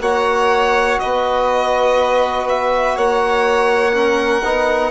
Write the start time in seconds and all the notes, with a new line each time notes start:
0.00 A#3 F#4 C#5 F#5
0.99 B3 B4 D#5
2.49 E5
2.95 A#3 C#5 F#5
3.93 C#4 A#4
4.43 B3 D#4